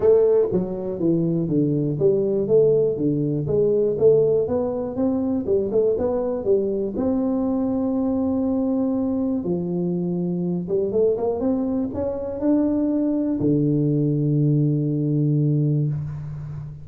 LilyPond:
\new Staff \with { instrumentName = "tuba" } { \time 4/4 \tempo 4 = 121 a4 fis4 e4 d4 | g4 a4 d4 gis4 | a4 b4 c'4 g8 a8 | b4 g4 c'2~ |
c'2. f4~ | f4. g8 a8 ais8 c'4 | cis'4 d'2 d4~ | d1 | }